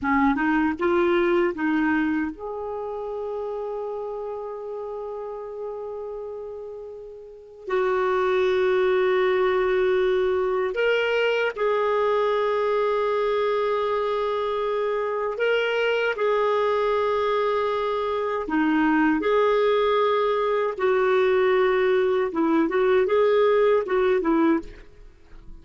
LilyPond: \new Staff \with { instrumentName = "clarinet" } { \time 4/4 \tempo 4 = 78 cis'8 dis'8 f'4 dis'4 gis'4~ | gis'1~ | gis'2 fis'2~ | fis'2 ais'4 gis'4~ |
gis'1 | ais'4 gis'2. | dis'4 gis'2 fis'4~ | fis'4 e'8 fis'8 gis'4 fis'8 e'8 | }